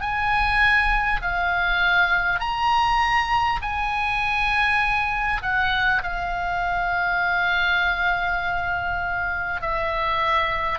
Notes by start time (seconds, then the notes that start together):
0.00 G#5
1.21 F5
2.39 A#5
3.61 G#5
5.42 F#5
6.03 F5
9.61 E5